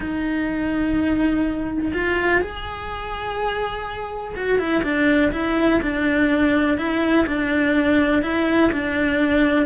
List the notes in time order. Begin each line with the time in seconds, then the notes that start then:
0.00 D#4
1.93 F4
2.41 G#4
4.35 F#4
4.58 E4
4.83 D4
5.31 E4
5.82 D4
6.77 E4
7.26 D4
8.22 E4
8.72 D4